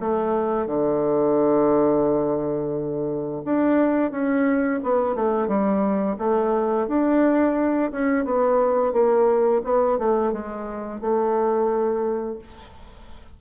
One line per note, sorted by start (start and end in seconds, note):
0.00 0.66 A3
0.66 3.42 D3
3.45 4.11 D4
4.11 4.80 C#4
4.83 5.15 B3
5.15 5.48 A3
5.48 6.17 G3
6.18 6.87 A3
6.87 7.91 D4
7.91 8.25 C#4
8.25 8.92 B3
8.92 9.61 A#3
9.64 9.98 B3
9.98 10.32 A3
10.32 11.01 G#3
11.01 12.39 A3